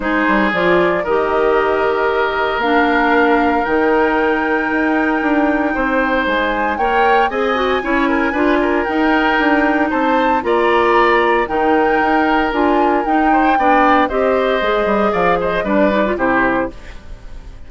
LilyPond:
<<
  \new Staff \with { instrumentName = "flute" } { \time 4/4 \tempo 4 = 115 c''4 d''4 dis''2~ | dis''4 f''2 g''4~ | g''1 | gis''4 g''4 gis''2~ |
gis''4 g''2 a''4 | ais''2 g''2 | gis''4 g''2 dis''4~ | dis''4 f''8 dis''8 d''4 c''4 | }
  \new Staff \with { instrumentName = "oboe" } { \time 4/4 gis'2 ais'2~ | ais'1~ | ais'2. c''4~ | c''4 cis''4 dis''4 cis''8 ais'8 |
b'8 ais'2~ ais'8 c''4 | d''2 ais'2~ | ais'4. c''8 d''4 c''4~ | c''4 d''8 c''8 b'4 g'4 | }
  \new Staff \with { instrumentName = "clarinet" } { \time 4/4 dis'4 f'4 g'2~ | g'4 d'2 dis'4~ | dis'1~ | dis'4 ais'4 gis'8 fis'8 e'4 |
f'4 dis'2. | f'2 dis'2 | f'4 dis'4 d'4 g'4 | gis'2 d'8 dis'16 f'16 e'4 | }
  \new Staff \with { instrumentName = "bassoon" } { \time 4/4 gis8 g8 f4 dis2~ | dis4 ais2 dis4~ | dis4 dis'4 d'4 c'4 | gis4 ais4 c'4 cis'4 |
d'4 dis'4 d'4 c'4 | ais2 dis4 dis'4 | d'4 dis'4 b4 c'4 | gis8 g8 f4 g4 c4 | }
>>